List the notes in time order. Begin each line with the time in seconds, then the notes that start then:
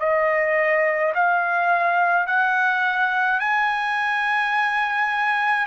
0.00 D#5
1.15 F5
2.27 F#5
3.40 G#5